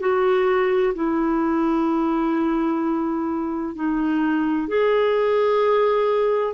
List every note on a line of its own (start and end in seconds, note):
0.00 0.94 F#4
0.95 3.75 E4
3.75 4.68 D#4
4.68 6.54 G#4